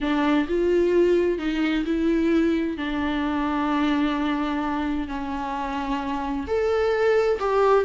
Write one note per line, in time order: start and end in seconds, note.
0.00 0.47 D4
0.48 1.38 F4
1.38 1.84 D#4
1.85 2.77 E4
2.77 5.07 D4
5.07 6.46 C#4
6.47 7.39 A4
7.39 7.84 G4